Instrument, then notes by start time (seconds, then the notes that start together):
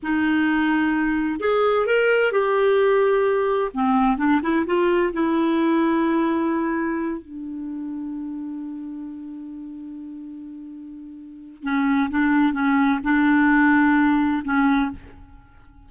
clarinet
0.02 D#4
1.40 G#4
1.86 A#4
2.32 G4
3.74 C4
4.17 D4
4.42 E4
4.66 F4
5.13 E4
7.21 D4
11.63 C#4
12.10 D4
12.53 C#4
13.03 D4
14.44 C#4